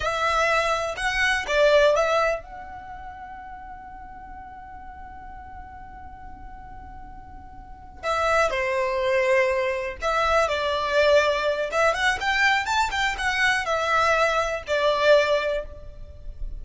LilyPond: \new Staff \with { instrumentName = "violin" } { \time 4/4 \tempo 4 = 123 e''2 fis''4 d''4 | e''4 fis''2.~ | fis''1~ | fis''1~ |
fis''8 e''4 c''2~ c''8~ | c''8 e''4 d''2~ d''8 | e''8 fis''8 g''4 a''8 g''8 fis''4 | e''2 d''2 | }